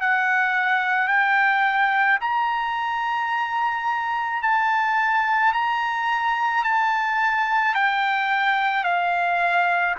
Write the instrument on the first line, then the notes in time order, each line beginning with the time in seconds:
trumpet
0.00 F#5
1.08 G5
2.20 A#5
4.42 A5
5.53 A#5
6.64 A5
7.74 G5
8.83 F5